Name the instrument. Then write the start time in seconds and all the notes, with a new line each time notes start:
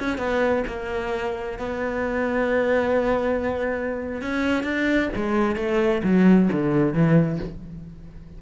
cello
0.00 C#4
0.19 B3
0.67 A#3
1.59 B3
4.22 C#4
4.64 D4
5.16 G#3
5.56 A3
6.04 F#3
6.53 D3
6.94 E3